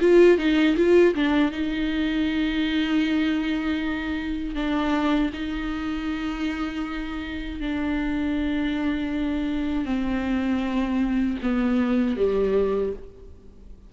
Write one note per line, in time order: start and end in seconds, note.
0.00 0.38 F4
0.38 0.76 D#4
0.76 1.14 F4
1.15 1.51 D4
1.51 4.55 D#4
4.55 5.31 D4
5.33 7.60 D#4
7.60 9.85 D4
9.85 11.37 C4
11.42 12.17 B3
12.17 12.93 G3